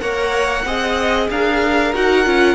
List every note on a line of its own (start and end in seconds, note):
0.00 0.65 A#3
0.00 0.64 A#4
0.00 0.65 C#5
0.00 1.28 F#5
0.65 1.29 C4
0.65 1.94 G#4
0.65 1.30 D#5
1.30 1.94 D4
1.30 2.55 A#4
1.30 1.94 F5
1.94 2.26 D#4
1.94 2.25 F#4
1.94 2.55 F#5
2.25 2.55 C#4
2.25 2.55 F4